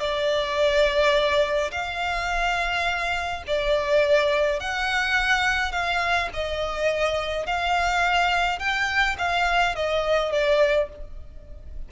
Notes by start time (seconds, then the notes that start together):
0.00 D5
1.72 F5
3.48 D5
4.60 F#5
5.72 F5
6.34 D#5
7.46 F5
8.59 G5
9.19 F5
9.76 D#5
10.32 D5